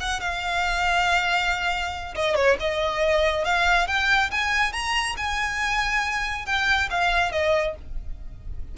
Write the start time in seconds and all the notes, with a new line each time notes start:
0.00 F#5
0.20 F5
2.15 D#5
2.35 C#5
2.59 D#5
3.44 F5
3.87 G5
4.31 G#5
4.72 A#5
5.17 G#5
6.46 G5
6.90 F5
7.31 D#5